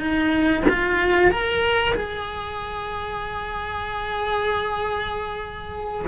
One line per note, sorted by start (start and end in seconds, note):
0.00 0.63 D#4
0.69 1.31 F4
1.31 1.94 A#4
1.95 6.05 G#4